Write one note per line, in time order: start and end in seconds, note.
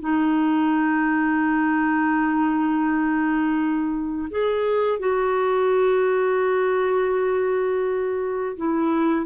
0.00 4.29 D#4
4.30 4.99 G#4
4.99 8.56 F#4
8.57 9.26 E4